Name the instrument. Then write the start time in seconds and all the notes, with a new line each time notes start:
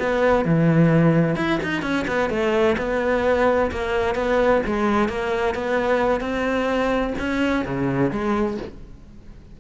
cello
0.00 B3
0.45 E3
1.36 E4
1.63 D#4
1.82 C#4
2.08 B3
2.30 A3
2.78 B3
3.72 A#3
4.15 B3
4.67 G#3
5.09 A#3
5.55 B3
6.21 C4
7.19 C#4
7.65 C#3
8.11 G#3